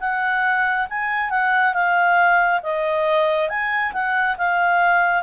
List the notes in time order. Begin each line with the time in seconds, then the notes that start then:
0.00 F#5
0.89 G#5
1.30 F#5
1.74 F5
2.62 D#5
3.49 G#5
3.93 F#5
4.38 F5